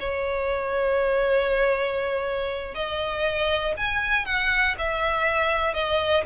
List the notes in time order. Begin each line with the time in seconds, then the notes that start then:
0.00 C#5
2.75 D#5
3.77 G#5
4.25 F#5
4.78 E5
5.74 D#5